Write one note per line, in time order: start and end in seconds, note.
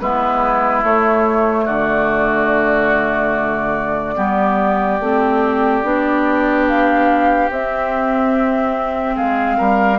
0.00 0.83 G#3
0.00 0.83 B3
0.00 1.65 E4
0.00 0.83 B4
0.83 4.16 A3
0.83 1.67 A3
0.83 1.67 C#5
1.65 4.17 D3
1.65 4.15 F#4
1.65 6.67 D5
4.16 5.00 G3
4.16 4.99 B3
4.16 9.15 G4
5.00 5.83 A3
5.00 5.84 C4
5.83 7.49 B3
5.83 7.51 D4
6.68 7.51 F5
7.49 9.16 C4
7.49 9.99 C4
7.49 9.17 E5
9.15 9.58 G#3
9.15 9.57 G#4
9.15 9.99 F5
9.58 9.99 G3
9.58 9.99 A#4